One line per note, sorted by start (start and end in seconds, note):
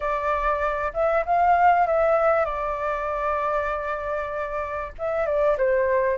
0.00 0.92 D5
0.93 1.24 E5
1.25 1.86 F5
1.86 2.45 E5
2.45 4.92 D5
4.98 5.26 E5
5.26 5.57 D5
5.57 6.17 C5